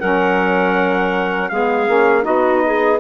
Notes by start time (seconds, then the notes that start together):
0.00 F#3 C#4 A#4 F#5
1.49 G#3 B3 G#4 F5
1.88 A#3 C#4
2.22 B3 D#4 F#4 D#5
2.66 G#4